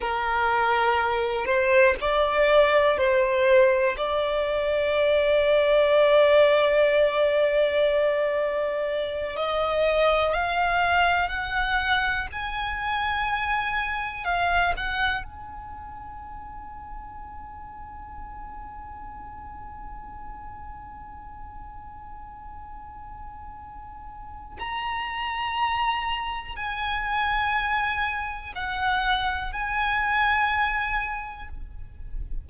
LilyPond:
\new Staff \with { instrumentName = "violin" } { \time 4/4 \tempo 4 = 61 ais'4. c''8 d''4 c''4 | d''1~ | d''4. dis''4 f''4 fis''8~ | fis''8 gis''2 f''8 fis''8 gis''8~ |
gis''1~ | gis''1~ | gis''4 ais''2 gis''4~ | gis''4 fis''4 gis''2 | }